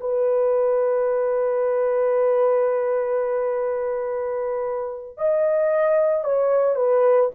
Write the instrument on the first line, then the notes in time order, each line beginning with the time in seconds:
horn
0.00 B4
5.17 D#5
6.24 C#5
6.75 B4